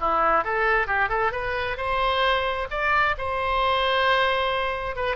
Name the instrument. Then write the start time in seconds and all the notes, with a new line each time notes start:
oboe
0.00 E4
0.44 A4
0.87 G4
1.09 A4
1.32 B4
1.77 C5
2.70 D5
3.18 C5
4.96 B4